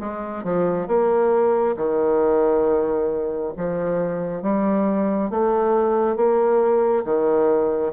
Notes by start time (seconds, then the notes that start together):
0.00 G#3
0.44 F3
0.88 A#3
1.77 D#3
3.57 F3
4.43 G3
5.31 A3
6.16 A#3
7.05 D#3